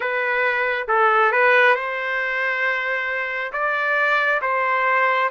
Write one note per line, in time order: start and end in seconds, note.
0.00 0.87 B4
0.87 1.32 A4
1.32 1.75 B4
1.75 3.51 C5
3.52 4.40 D5
4.41 5.29 C5